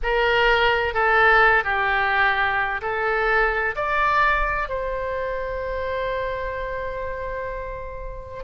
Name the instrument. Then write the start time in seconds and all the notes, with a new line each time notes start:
oboe
0.02 A#4
0.94 A4
1.63 G4
2.81 A4
3.75 D5
4.69 C5